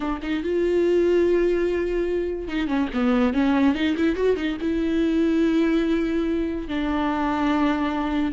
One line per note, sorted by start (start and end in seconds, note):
0.00 0.20 D4
0.22 0.43 D#4
0.43 2.48 F4
2.48 2.67 D#4
2.67 2.88 C#4
2.93 3.33 B3
3.33 3.74 C#4
3.74 3.95 D#4
3.96 4.15 E4
4.15 4.36 F#4
4.36 4.57 D#4
4.60 6.68 E4
6.68 8.32 D4